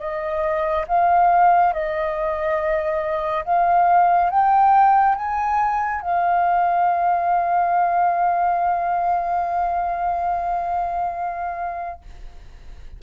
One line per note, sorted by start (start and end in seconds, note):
0.00 0.86 D#5
0.88 1.73 F5
1.73 3.45 D#5
3.45 4.30 F5
4.30 5.16 G5
5.16 6.02 G#5
6.02 12.02 F5